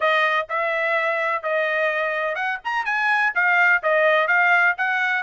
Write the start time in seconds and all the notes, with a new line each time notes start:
0.00 D#5
0.49 E5
1.43 D#5
2.35 F#5
2.64 A#5
2.85 G#5
3.34 F5
3.82 D#5
4.27 F5
4.77 F#5